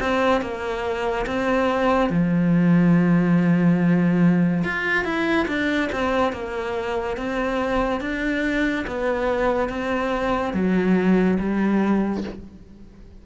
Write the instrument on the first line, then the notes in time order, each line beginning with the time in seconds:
cello
0.00 C4
0.41 A#3
1.26 C4
2.10 F3
4.64 F4
5.05 E4
5.48 D4
5.92 C4
6.33 A#3
7.17 C4
8.01 D4
8.87 B3
9.69 C4
10.54 F#3
11.40 G3